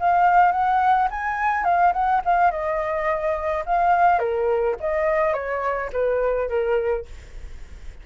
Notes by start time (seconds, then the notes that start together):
0.00 F5
0.52 F#5
1.11 G#5
1.64 F5
1.93 F#5
2.25 F5
2.51 D#5
3.66 F5
4.19 A#4
4.81 D#5
5.34 C#5
5.93 B4
6.49 A#4